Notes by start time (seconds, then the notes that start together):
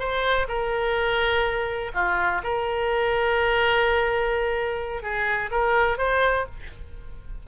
0.00 C5
0.49 A#4
1.95 F4
2.44 A#4
5.03 G#4
5.52 A#4
5.98 C5